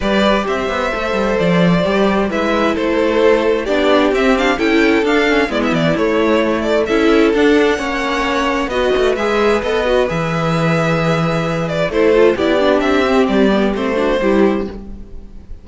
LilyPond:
<<
  \new Staff \with { instrumentName = "violin" } { \time 4/4 \tempo 4 = 131 d''4 e''2 d''4~ | d''4 e''4 c''2 | d''4 e''8 f''8 g''4 f''4 | d''16 e''16 d''8 cis''4. d''8 e''4 |
fis''2. dis''4 | e''4 dis''4 e''2~ | e''4. d''8 c''4 d''4 | e''4 d''4 c''2 | }
  \new Staff \with { instrumentName = "violin" } { \time 4/4 b'4 c''2.~ | c''4 b'4 a'2 | g'2 a'2 | e'2. a'4~ |
a'4 cis''2 b'4~ | b'1~ | b'2 a'4 g'4~ | g'2~ g'8 fis'8 g'4 | }
  \new Staff \with { instrumentName = "viola" } { \time 4/4 g'2 a'2 | g'4 e'2. | d'4 c'8 d'8 e'4 d'8 cis'8 | b4 a2 e'4 |
d'4 cis'2 fis'4 | gis'4 a'8 fis'8 gis'2~ | gis'2 e'8 f'8 e'8 d'8~ | d'8 c'4 b8 c'8 d'8 e'4 | }
  \new Staff \with { instrumentName = "cello" } { \time 4/4 g4 c'8 b8 a8 g8 f4 | g4 gis4 a2 | b4 c'4 cis'4 d'4 | gis8 e8 a2 cis'4 |
d'4 ais2 b8 a8 | gis4 b4 e2~ | e2 a4 b4 | c'4 g4 a4 g4 | }
>>